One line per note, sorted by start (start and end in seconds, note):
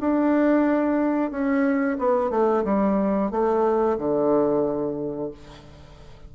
0.00 1.30 D4
1.30 1.97 C#4
1.98 2.30 B3
2.30 2.63 A3
2.64 3.30 G3
3.30 3.97 A3
3.97 5.31 D3